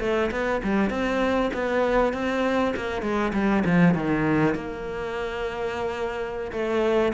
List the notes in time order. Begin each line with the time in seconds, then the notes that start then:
0.00 A3
0.31 B3
0.63 G3
0.90 C4
1.54 B3
2.13 C4
2.76 A#3
3.02 G#3
3.33 G3
3.65 F3
3.94 D#3
4.55 A#3
6.52 A3